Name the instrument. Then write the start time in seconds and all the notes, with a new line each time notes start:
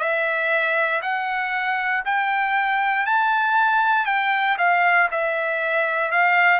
trumpet
0.00 E5
1.02 F#5
2.05 G5
3.06 A5
4.06 G5
4.58 F5
5.11 E5
6.12 F5